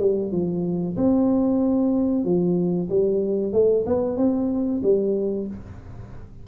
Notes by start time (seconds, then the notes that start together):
0.00 G3
0.32 F3
0.97 C4
2.25 F3
2.90 G3
3.53 A3
3.87 B3
4.18 C4
4.84 G3